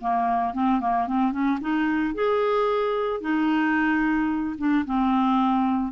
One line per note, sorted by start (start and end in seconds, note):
0.00 0.53 A#3
0.53 0.80 C4
0.80 1.07 A#3
1.07 1.31 C4
1.31 1.58 C#4
1.61 2.14 D#4
2.14 3.20 G#4
3.20 4.56 D#4
4.57 4.85 D4
4.85 5.92 C4